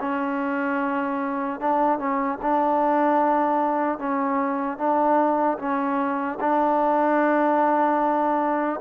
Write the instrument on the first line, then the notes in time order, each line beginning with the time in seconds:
trombone
0.00 C#4
1.60 D4
1.99 C#4
2.41 D4
3.99 C#4
4.77 D4
5.59 C#4
6.40 D4